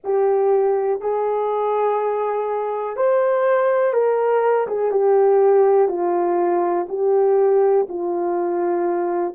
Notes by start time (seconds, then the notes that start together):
0.04 G4
1.01 G#4
2.96 C5
3.93 A#4
4.67 G#4
4.91 G4
5.88 F4
6.89 G4
7.89 F4